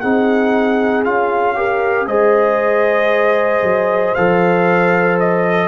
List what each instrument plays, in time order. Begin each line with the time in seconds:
0.00 tuba C4, trombone D#4, horn G#4, trumpet F#5
1.05 tuba C#4, trombone F4, trumpet F5
1.55 trombone G4, horn A#4
2.06 tuba G#3, trombone G#4, horn C5, trumpet D#5
3.63 tuba F#3
4.14 tuba F3, trombone A4, trumpet F5
5.19 trumpet D#5